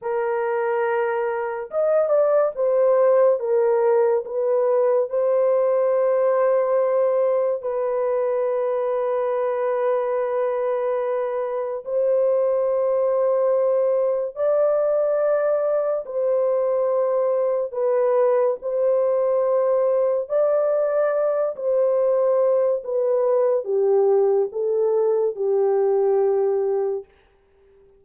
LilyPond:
\new Staff \with { instrumentName = "horn" } { \time 4/4 \tempo 4 = 71 ais'2 dis''8 d''8 c''4 | ais'4 b'4 c''2~ | c''4 b'2.~ | b'2 c''2~ |
c''4 d''2 c''4~ | c''4 b'4 c''2 | d''4. c''4. b'4 | g'4 a'4 g'2 | }